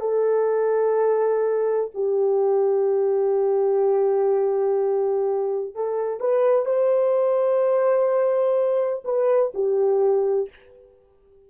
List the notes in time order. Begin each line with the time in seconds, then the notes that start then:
0.00 A4
1.94 G4
5.75 A4
6.20 B4
6.65 C5
9.05 B4
9.54 G4